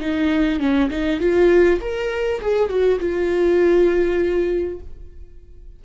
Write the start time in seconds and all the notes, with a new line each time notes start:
0.00 D#4
0.60 C#4
0.91 D#4
1.21 F4
1.81 A#4
2.42 G#4
2.69 F#4
3.00 F4